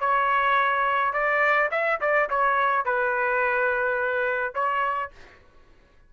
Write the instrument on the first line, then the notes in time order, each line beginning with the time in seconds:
trumpet
0.00 C#5
1.13 D5
1.71 E5
2.01 D5
2.30 C#5
2.85 B4
4.54 C#5